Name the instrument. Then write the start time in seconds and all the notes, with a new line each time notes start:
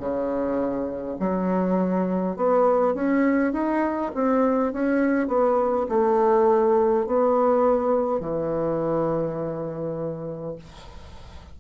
bassoon
0.00 C#3
1.20 F#3
2.36 B3
2.95 C#4
3.53 D#4
4.15 C4
4.73 C#4
5.28 B3
5.89 A3
7.06 B3
8.20 E3